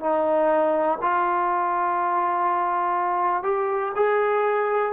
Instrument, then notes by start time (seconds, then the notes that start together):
trombone
0.00 D#4
1.02 F4
3.43 G4
3.96 G#4